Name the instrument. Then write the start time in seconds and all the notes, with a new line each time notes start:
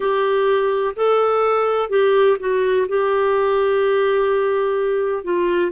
clarinet
0.00 G4
0.96 A4
1.89 G4
2.39 F#4
2.88 G4
5.23 F4